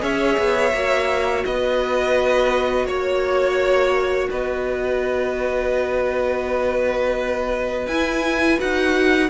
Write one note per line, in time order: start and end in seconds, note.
0.00 0.38 C#4
0.00 0.71 G#4
0.00 1.45 C#5
0.00 1.44 E5
0.38 0.73 B3
0.73 1.44 A#3
0.73 7.89 F#4
1.44 2.86 B3
1.44 2.87 B4
1.44 2.87 D#5
2.86 4.29 A#3
2.86 4.29 C#5
2.86 4.31 C#5
4.30 7.87 B3
4.30 9.30 B4
4.30 7.87 D#5
7.87 8.58 E4
7.87 8.59 G#5
8.58 9.30 D#4
8.58 9.29 F#4
8.58 9.30 F#5